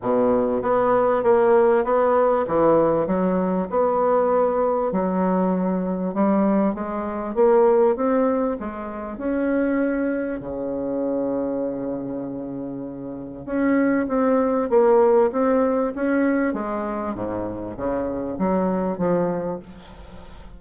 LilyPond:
\new Staff \with { instrumentName = "bassoon" } { \time 4/4 \tempo 4 = 98 b,4 b4 ais4 b4 | e4 fis4 b2 | fis2 g4 gis4 | ais4 c'4 gis4 cis'4~ |
cis'4 cis2.~ | cis2 cis'4 c'4 | ais4 c'4 cis'4 gis4 | gis,4 cis4 fis4 f4 | }